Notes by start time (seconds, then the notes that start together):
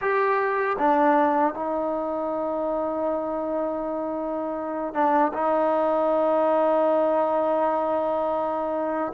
0.01 G4
0.78 D4
1.54 D#4
4.94 D4
5.33 D#4